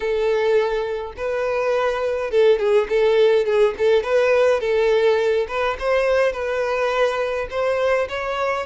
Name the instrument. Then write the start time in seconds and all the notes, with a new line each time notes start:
violin
0.00 A4
1.17 B4
2.31 A4
2.58 G#4
2.89 A4
3.45 G#4
3.78 A4
4.03 B4
4.60 A4
5.48 B4
5.78 C5
6.32 B4
7.50 C5
8.08 C#5